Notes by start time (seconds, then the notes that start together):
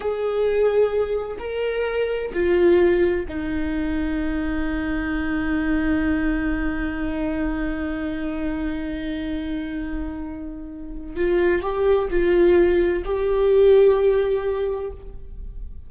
0.00 G#4
1.38 A#4
2.33 F4
3.28 D#4
11.16 F4
11.62 G4
12.10 F4
13.05 G4